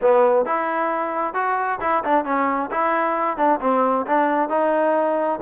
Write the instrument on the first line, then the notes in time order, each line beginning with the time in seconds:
trombone
0.01 B3
0.45 E4
1.34 F#4
1.80 E4
2.04 D4
2.24 C#4
2.71 E4
3.37 D4
3.60 C4
4.06 D4
4.49 D#4